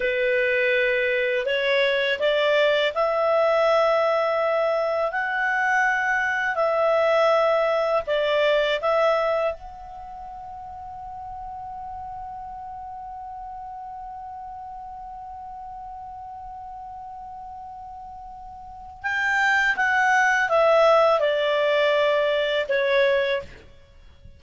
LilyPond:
\new Staff \with { instrumentName = "clarinet" } { \time 4/4 \tempo 4 = 82 b'2 cis''4 d''4 | e''2. fis''4~ | fis''4 e''2 d''4 | e''4 fis''2.~ |
fis''1~ | fis''1~ | fis''2 g''4 fis''4 | e''4 d''2 cis''4 | }